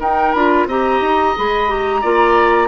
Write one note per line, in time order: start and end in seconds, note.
0.00 0.34 D#4
0.00 0.36 D#4
0.00 0.67 A#4
0.00 0.33 G5
0.33 0.67 D4
0.33 0.70 F4
0.33 0.67 B5
0.67 1.00 C4
0.67 1.37 G4
0.67 2.01 D#5
0.67 1.37 A#5
1.01 1.35 D#4
1.37 2.04 G#3
1.37 1.69 G#4
1.37 1.71 B5
1.69 2.02 G4
1.69 2.69 A#5
2.01 2.69 A#3
2.01 2.69 F4
2.01 2.69 D5